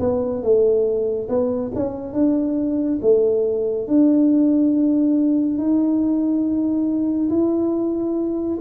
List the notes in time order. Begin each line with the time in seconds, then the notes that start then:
0.00 B3
0.43 A3
1.29 B3
1.76 C#4
2.14 D4
3.02 A3
3.88 D4
5.58 D#4
7.30 E4